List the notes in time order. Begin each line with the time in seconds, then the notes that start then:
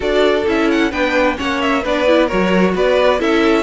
0.00 D4 F#4 A4 D5
0.46 C#4 E4 E5
0.70 F#5
0.90 B3 D4 B4 G5
1.35 A#3 C#4 C#5 F#5
1.61 E5
1.82 B3 D4 B4 D5
2.06 E4
2.26 F#4 A#4 C#5
2.32 F#3
2.75 B3 B4 D5
3.19 C#4 E4 A4 E5